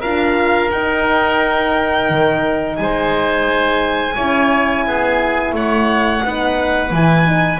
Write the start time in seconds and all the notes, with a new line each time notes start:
0.00 D4 F4 A#4 F5
0.71 D#4 G5
2.09 D#3
2.76 G#3 C5 G#5
4.15 C#4 E4 C#5
4.86 B3 G#4
5.52 A3 C#5 F#5
6.23 B3 D#4 B4
6.90 E3 E4 G#5
7.26 D#4